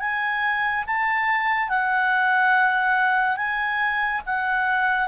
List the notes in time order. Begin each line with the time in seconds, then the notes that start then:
0.00 G#5
0.87 A5
1.69 F#5
3.37 G#5
4.26 F#5